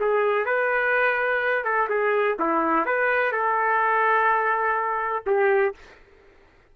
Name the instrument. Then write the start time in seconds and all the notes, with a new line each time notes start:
trumpet
0.00 G#4
0.46 B4
1.65 A4
1.89 G#4
2.39 E4
2.86 B4
3.32 A4
5.27 G4